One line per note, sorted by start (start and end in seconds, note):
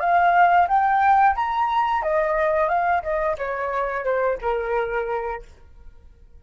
0.00 0.67 F5
0.68 1.35 G5
1.35 2.02 A#5
2.02 2.69 D#5
2.69 3.02 F5
3.03 3.36 D#5
3.38 4.04 C#5
4.04 4.38 C5
4.41 5.42 A#4